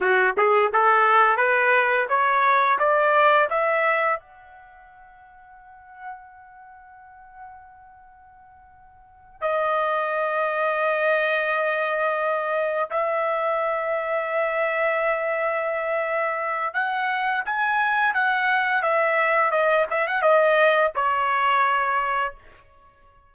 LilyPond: \new Staff \with { instrumentName = "trumpet" } { \time 4/4 \tempo 4 = 86 fis'8 gis'8 a'4 b'4 cis''4 | d''4 e''4 fis''2~ | fis''1~ | fis''4. dis''2~ dis''8~ |
dis''2~ dis''8 e''4.~ | e''1 | fis''4 gis''4 fis''4 e''4 | dis''8 e''16 fis''16 dis''4 cis''2 | }